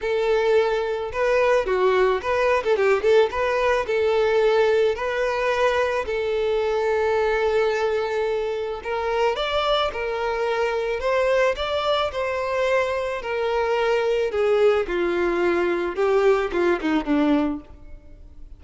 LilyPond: \new Staff \with { instrumentName = "violin" } { \time 4/4 \tempo 4 = 109 a'2 b'4 fis'4 | b'8. a'16 g'8 a'8 b'4 a'4~ | a'4 b'2 a'4~ | a'1 |
ais'4 d''4 ais'2 | c''4 d''4 c''2 | ais'2 gis'4 f'4~ | f'4 g'4 f'8 dis'8 d'4 | }